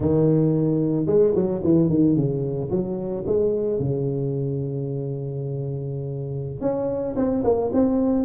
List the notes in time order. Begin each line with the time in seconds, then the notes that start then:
0.00 D#3
1.06 G#3
1.35 F#3
1.63 E3
1.89 D#3
2.16 C#3
2.70 F#3
3.26 G#3
3.79 C#3
6.61 C#4
7.16 C4
7.43 A#3
7.72 C4